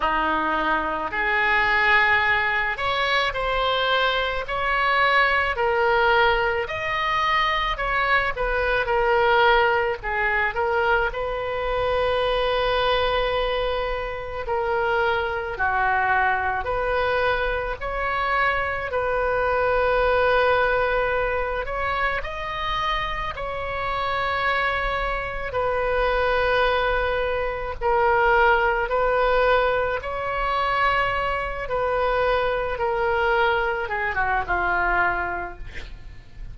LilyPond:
\new Staff \with { instrumentName = "oboe" } { \time 4/4 \tempo 4 = 54 dis'4 gis'4. cis''8 c''4 | cis''4 ais'4 dis''4 cis''8 b'8 | ais'4 gis'8 ais'8 b'2~ | b'4 ais'4 fis'4 b'4 |
cis''4 b'2~ b'8 cis''8 | dis''4 cis''2 b'4~ | b'4 ais'4 b'4 cis''4~ | cis''8 b'4 ais'4 gis'16 fis'16 f'4 | }